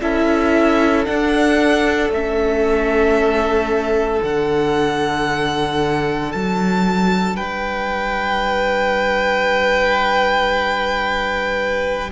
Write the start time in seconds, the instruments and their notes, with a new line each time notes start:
0.00 cello C#4, viola E4, violin A4 E5
1.05 viola D4, cello D4, violin F#5
2.09 cello A3, viola C#4, violin E5
4.18 cello D3, viola D4, violin F#5
6.32 cello F#3, violin A5
7.36 cello G3, violin B4 G5